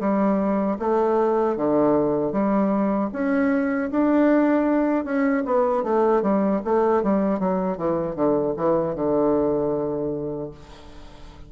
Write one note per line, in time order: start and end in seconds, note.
0.00 0.78 G3
0.79 1.57 A3
1.57 2.32 D3
2.32 3.10 G3
3.12 3.90 C#4
3.91 5.05 D4
5.05 5.44 C#4
5.45 5.83 B3
5.83 6.22 A3
6.22 6.61 G3
6.65 7.03 A3
7.03 7.39 G3
7.39 7.77 F#3
7.77 8.15 E3
8.15 8.54 D3
8.57 8.95 E3
8.95 10.51 D3